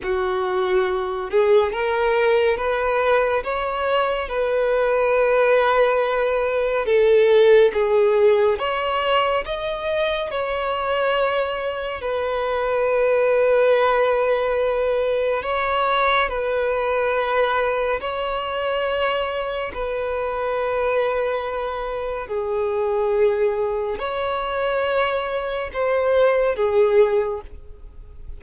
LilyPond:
\new Staff \with { instrumentName = "violin" } { \time 4/4 \tempo 4 = 70 fis'4. gis'8 ais'4 b'4 | cis''4 b'2. | a'4 gis'4 cis''4 dis''4 | cis''2 b'2~ |
b'2 cis''4 b'4~ | b'4 cis''2 b'4~ | b'2 gis'2 | cis''2 c''4 gis'4 | }